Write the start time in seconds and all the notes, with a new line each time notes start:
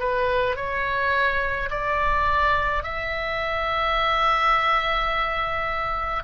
0.00 B4
0.57 C#5
1.71 D5
2.84 E5